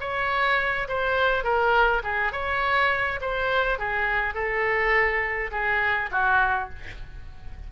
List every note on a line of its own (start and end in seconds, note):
0.00 0.87 C#5
0.88 1.44 C5
1.44 2.02 A#4
2.03 2.32 G#4
2.32 3.19 C#5
3.20 3.78 C5
3.78 4.34 G#4
4.34 5.50 A4
5.51 6.09 G#4
6.11 6.69 F#4